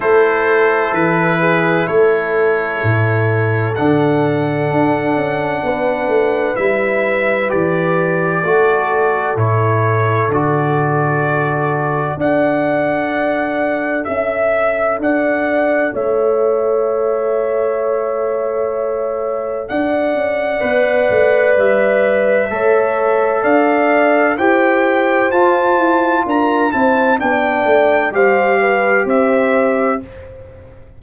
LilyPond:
<<
  \new Staff \with { instrumentName = "trumpet" } { \time 4/4 \tempo 4 = 64 c''4 b'4 cis''2 | fis''2. e''4 | d''2 cis''4 d''4~ | d''4 fis''2 e''4 |
fis''4 e''2.~ | e''4 fis''2 e''4~ | e''4 f''4 g''4 a''4 | ais''8 a''8 g''4 f''4 e''4 | }
  \new Staff \with { instrumentName = "horn" } { \time 4/4 a'4. gis'8 a'2~ | a'2 b'2~ | b'4 a'2.~ | a'4 d''2 e''4 |
d''4 cis''2.~ | cis''4 d''2. | cis''4 d''4 c''2 | ais'8 c''8 d''4 c''8 b'8 c''4 | }
  \new Staff \with { instrumentName = "trombone" } { \time 4/4 e'1 | d'2. e'4 | g'4 fis'4 e'4 fis'4~ | fis'4 a'2.~ |
a'1~ | a'2 b'2 | a'2 g'4 f'4~ | f'8 e'8 d'4 g'2 | }
  \new Staff \with { instrumentName = "tuba" } { \time 4/4 a4 e4 a4 a,4 | d4 d'8 cis'8 b8 a8 g4 | e4 a4 a,4 d4~ | d4 d'2 cis'4 |
d'4 a2.~ | a4 d'8 cis'8 b8 a8 g4 | a4 d'4 e'4 f'8 e'8 | d'8 c'8 b8 a8 g4 c'4 | }
>>